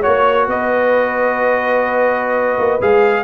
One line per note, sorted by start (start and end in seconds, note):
0.00 2.80 F#4
0.00 0.44 C#5
0.00 0.47 C#5
0.06 0.47 A#3
0.47 2.58 B3
0.47 3.24 B4
0.47 2.81 D#5
2.58 2.80 A#3
2.81 3.24 G#3
2.81 3.24 G#4
2.81 3.24 F5